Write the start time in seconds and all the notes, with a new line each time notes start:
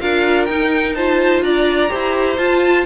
0.00 D4 F4 A#4 F5
0.45 D#4 G5
0.94 F4 C5 A5
1.42 D4 D5 A#5
1.89 E4 G4 C5
2.37 F4 A5